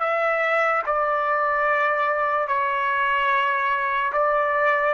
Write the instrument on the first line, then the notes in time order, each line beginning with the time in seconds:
trumpet
0.00 E5
0.86 D5
2.47 C#5
4.12 D5